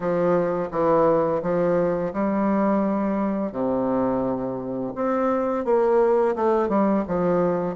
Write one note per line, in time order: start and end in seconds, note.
0.00 0.69 F3
0.71 1.41 E3
1.42 2.12 F3
2.13 3.52 G3
3.52 4.93 C3
4.95 5.64 C4
5.64 6.35 A#3
6.35 6.68 A3
6.68 7.04 G3
7.07 7.75 F3